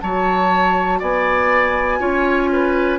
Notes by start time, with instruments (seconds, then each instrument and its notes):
0.00 bassoon F#3, clarinet F#4, oboe C#5, flute A5
0.99 bassoon B3, oboe D5, flute G#5
2.00 bassoon C#4, clarinet F4, oboe C#5
2.52 oboe B4